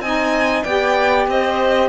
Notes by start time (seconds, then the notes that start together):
0.00 C4 D#4 D#5 G#5
0.64 B3 G4 D5 G5
1.28 C4 C5 D#5